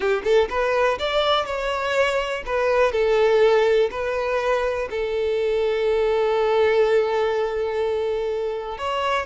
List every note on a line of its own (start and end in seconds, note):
0.00 0.22 G4
0.24 0.48 A4
0.49 0.98 B4
0.98 1.45 D5
1.45 2.43 C#5
2.46 2.92 B4
2.92 3.89 A4
3.90 4.88 B4
4.90 8.78 A4
8.78 9.25 C#5